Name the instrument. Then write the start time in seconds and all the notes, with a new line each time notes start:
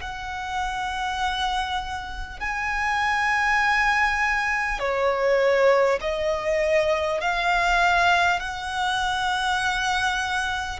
violin
0.00 F#5
2.39 G#5
4.79 C#5
6.01 D#5
7.21 F5
8.39 F#5